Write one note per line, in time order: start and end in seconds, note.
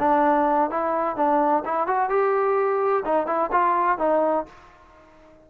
0.00 0.71 D4
0.71 1.17 E4
1.17 1.64 D4
1.66 1.87 E4
1.87 2.10 F#4
2.10 3.04 G4
3.05 3.27 D#4
3.27 3.51 E4
3.52 3.99 F4
3.99 4.46 D#4